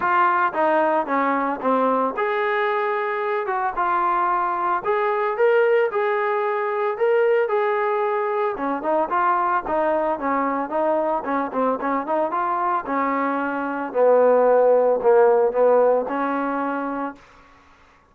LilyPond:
\new Staff \with { instrumentName = "trombone" } { \time 4/4 \tempo 4 = 112 f'4 dis'4 cis'4 c'4 | gis'2~ gis'8 fis'8 f'4~ | f'4 gis'4 ais'4 gis'4~ | gis'4 ais'4 gis'2 |
cis'8 dis'8 f'4 dis'4 cis'4 | dis'4 cis'8 c'8 cis'8 dis'8 f'4 | cis'2 b2 | ais4 b4 cis'2 | }